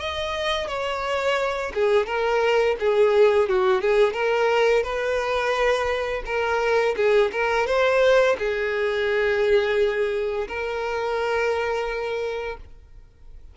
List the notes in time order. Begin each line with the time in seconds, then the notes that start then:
0.00 D#5
0.68 C#5
1.75 G#4
2.06 A#4
2.80 G#4
3.49 F#4
3.82 G#4
4.14 A#4
4.84 B4
6.26 A#4
6.97 G#4
7.32 A#4
7.67 C5
8.38 G#4
10.48 A#4